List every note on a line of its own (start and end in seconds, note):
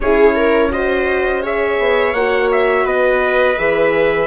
0.00 1.78 C#4
0.00 0.71 E4
0.00 0.35 G#4
0.00 0.71 C#5
0.35 0.71 A#4
0.71 1.42 F#4
0.71 1.42 C5
0.71 1.43 D#5
1.42 2.14 G#4
1.42 2.85 C#5
1.42 2.13 E5
1.78 2.13 B3
2.13 2.84 A#3
2.13 3.58 F#4
2.13 2.49 F#5
2.51 2.86 E5
2.84 3.55 B3
2.84 4.26 B4
2.84 3.58 D#5
3.57 4.26 E3
3.57 4.26 G#4
3.57 4.26 E5